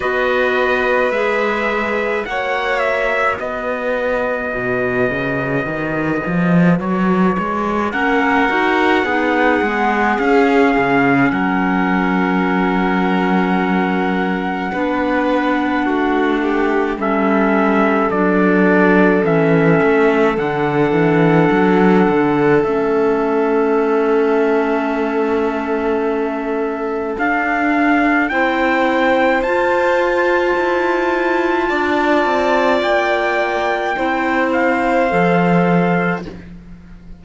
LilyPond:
<<
  \new Staff \with { instrumentName = "trumpet" } { \time 4/4 \tempo 4 = 53 dis''4 e''4 fis''8 e''8 dis''4~ | dis''2 cis''4 fis''4~ | fis''4 f''4 fis''2~ | fis''2. e''4 |
d''4 e''4 fis''2 | e''1 | f''4 g''4 a''2~ | a''4 g''4. f''4. | }
  \new Staff \with { instrumentName = "violin" } { \time 4/4 b'2 cis''4 b'4~ | b'2. ais'4 | gis'2 ais'2~ | ais'4 b'4 fis'8 g'8 a'4~ |
a'1~ | a'1~ | a'4 c''2. | d''2 c''2 | }
  \new Staff \with { instrumentName = "clarinet" } { \time 4/4 fis'4 gis'4 fis'2~ | fis'2. cis'8 fis'8 | dis'8 b8 cis'2.~ | cis'4 d'2 cis'4 |
d'4 cis'4 d'2 | cis'1 | d'4 e'4 f'2~ | f'2 e'4 a'4 | }
  \new Staff \with { instrumentName = "cello" } { \time 4/4 b4 gis4 ais4 b4 | b,8 cis8 dis8 f8 fis8 gis8 ais8 dis'8 | b8 gis8 cis'8 cis8 fis2~ | fis4 b4 a4 g4 |
fis4 e8 a8 d8 e8 fis8 d8 | a1 | d'4 c'4 f'4 e'4 | d'8 c'8 ais4 c'4 f4 | }
>>